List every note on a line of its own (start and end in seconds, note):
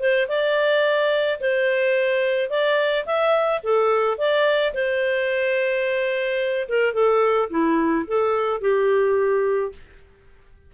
0.00 0.28 C5
0.29 1.40 D5
1.40 2.50 C5
2.50 3.06 D5
3.06 3.62 E5
3.63 4.18 A4
4.18 4.74 D5
4.74 6.68 C5
6.69 6.94 A#4
6.94 7.49 A4
7.50 8.06 E4
8.07 8.61 A4
8.61 9.72 G4